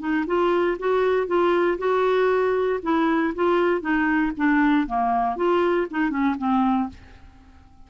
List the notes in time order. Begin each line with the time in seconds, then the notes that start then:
0.00 D#4
0.27 F4
0.80 F#4
1.28 F4
1.79 F#4
2.83 E4
3.35 F4
3.81 D#4
4.38 D4
4.88 A#3
5.36 F4
5.91 D#4
6.11 C#4
6.39 C4